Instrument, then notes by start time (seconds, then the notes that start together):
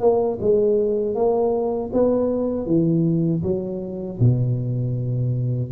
tuba
0.00 A#3
0.41 G#3
1.15 A#3
1.93 B3
2.67 E3
3.42 F#3
4.20 B2